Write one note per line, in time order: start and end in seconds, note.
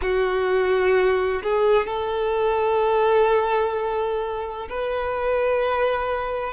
0.01 1.42 F#4
1.42 1.86 G#4
1.86 4.67 A4
4.69 6.53 B4